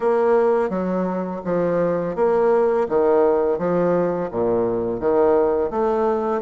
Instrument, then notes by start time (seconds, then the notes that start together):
bassoon
0.00 A#3
0.69 F#3
1.44 F3
2.15 A#3
2.88 D#3
3.58 F3
4.31 A#2
5.00 D#3
5.70 A3